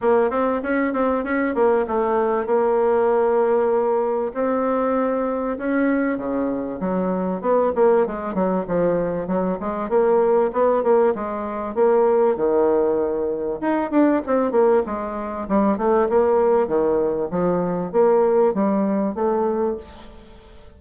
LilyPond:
\new Staff \with { instrumentName = "bassoon" } { \time 4/4 \tempo 4 = 97 ais8 c'8 cis'8 c'8 cis'8 ais8 a4 | ais2. c'4~ | c'4 cis'4 cis4 fis4 | b8 ais8 gis8 fis8 f4 fis8 gis8 |
ais4 b8 ais8 gis4 ais4 | dis2 dis'8 d'8 c'8 ais8 | gis4 g8 a8 ais4 dis4 | f4 ais4 g4 a4 | }